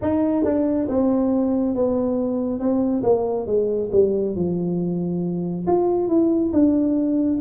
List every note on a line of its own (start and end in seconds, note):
0.01 0.44 D#4
0.44 0.87 D4
0.88 1.75 C4
1.75 2.59 B3
2.59 3.02 C4
3.03 3.46 A#3
3.46 3.89 G#3
3.92 4.35 G3
4.35 5.66 F3
5.66 6.08 F4
6.08 6.51 E4
6.52 7.39 D4